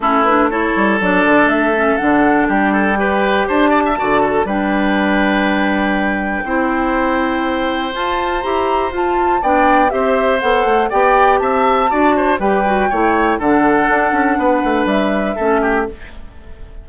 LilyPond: <<
  \new Staff \with { instrumentName = "flute" } { \time 4/4 \tempo 4 = 121 a'8 b'8 cis''4 d''4 e''4 | fis''4 g''2 a''4~ | a''4 g''2.~ | g''1 |
a''4 ais''4 a''4 g''4 | e''4 fis''4 g''4 a''4~ | a''4 g''2 fis''4~ | fis''2 e''2 | }
  \new Staff \with { instrumentName = "oboe" } { \time 4/4 e'4 a'2.~ | a'4 g'8 a'8 b'4 c''8 d''16 e''16 | d''8 a'8 b'2.~ | b'4 c''2.~ |
c''2. d''4 | c''2 d''4 e''4 | d''8 c''8 b'4 cis''4 a'4~ | a'4 b'2 a'8 g'8 | }
  \new Staff \with { instrumentName = "clarinet" } { \time 4/4 cis'8 d'8 e'4 d'4. cis'8 | d'2 g'2 | fis'4 d'2.~ | d'4 e'2. |
f'4 g'4 f'4 d'4 | g'4 a'4 g'2 | fis'4 g'8 fis'8 e'4 d'4~ | d'2. cis'4 | }
  \new Staff \with { instrumentName = "bassoon" } { \time 4/4 a4. g8 fis8 d8 a4 | d4 g2 d'4 | d4 g2.~ | g4 c'2. |
f'4 e'4 f'4 b4 | c'4 b8 a8 b4 c'4 | d'4 g4 a4 d4 | d'8 cis'8 b8 a8 g4 a4 | }
>>